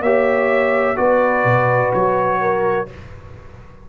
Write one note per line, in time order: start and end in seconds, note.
0.00 0.95 A#3
0.00 0.96 G4
0.00 0.97 C#5
0.00 0.97 E5
0.96 1.44 B3
0.96 2.87 F#4
0.96 2.41 B4
0.96 1.92 D5
1.44 1.92 B2
1.93 2.89 F#3
1.93 2.88 C#5
2.41 2.89 A#4